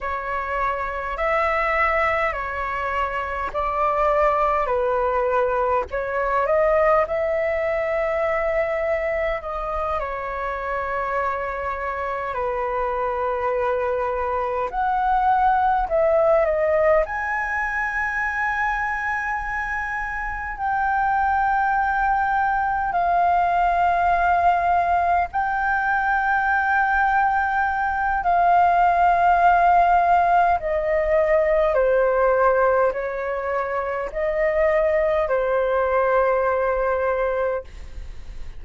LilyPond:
\new Staff \with { instrumentName = "flute" } { \time 4/4 \tempo 4 = 51 cis''4 e''4 cis''4 d''4 | b'4 cis''8 dis''8 e''2 | dis''8 cis''2 b'4.~ | b'8 fis''4 e''8 dis''8 gis''4.~ |
gis''4. g''2 f''8~ | f''4. g''2~ g''8 | f''2 dis''4 c''4 | cis''4 dis''4 c''2 | }